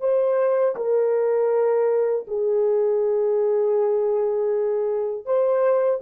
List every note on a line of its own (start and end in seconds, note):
0.00 0.75 C5
0.75 2.25 A#4
2.27 5.25 G#4
5.25 6.00 C5